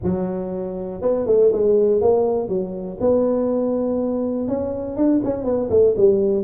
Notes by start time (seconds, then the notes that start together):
0.03 F#3
1.01 B3
1.26 A3
1.52 G#3
2.01 A#3
2.48 F#3
3.00 B3
4.48 C#4
4.96 D4
5.24 C#4
5.44 B3
5.69 A3
5.96 G3